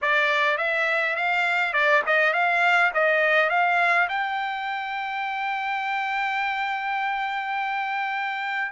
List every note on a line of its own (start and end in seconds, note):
0.01 0.57 D5
0.57 1.15 E5
1.16 1.73 F5
1.73 2.02 D5
2.06 2.33 D#5
2.33 2.91 F5
2.93 3.49 D#5
3.49 4.08 F5
4.09 8.72 G5